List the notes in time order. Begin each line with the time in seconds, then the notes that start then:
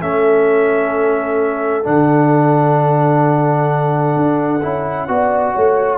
0.00 A3 C#4 A4 E5
1.83 D3 D4 F#5
4.16 D4
4.62 C#4 E4
5.08 B3 F#4 D5
5.53 A3 C#5